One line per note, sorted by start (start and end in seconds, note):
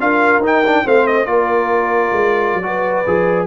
0.00 0.40 D4
0.00 0.42 F4
0.00 0.84 A#4
0.00 0.42 F5
0.40 0.82 D#4
0.40 0.64 D#4
0.46 0.87 G5
0.66 0.85 D4
0.84 1.26 A3
0.84 1.26 C4
0.84 1.26 C5
0.84 1.07 F5
1.07 1.26 D#5
1.26 2.10 A#3
1.26 2.62 F4
1.26 2.62 A#4
1.26 3.46 D5
2.12 2.54 G#3
2.54 3.06 F#3
2.62 3.04 F#4
2.62 3.47 B4
3.07 3.47 F3
3.07 3.47 G#4